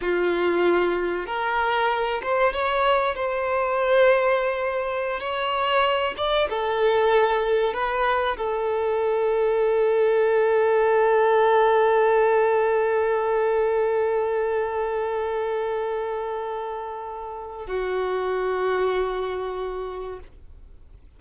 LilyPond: \new Staff \with { instrumentName = "violin" } { \time 4/4 \tempo 4 = 95 f'2 ais'4. c''8 | cis''4 c''2.~ | c''16 cis''4. d''8 a'4.~ a'16~ | a'16 b'4 a'2~ a'8.~ |
a'1~ | a'1~ | a'1 | fis'1 | }